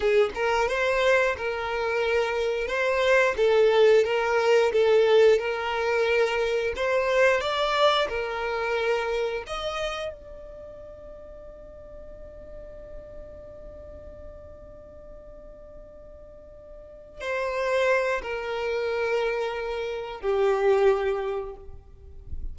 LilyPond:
\new Staff \with { instrumentName = "violin" } { \time 4/4 \tempo 4 = 89 gis'8 ais'8 c''4 ais'2 | c''4 a'4 ais'4 a'4 | ais'2 c''4 d''4 | ais'2 dis''4 d''4~ |
d''1~ | d''1~ | d''4. c''4. ais'4~ | ais'2 g'2 | }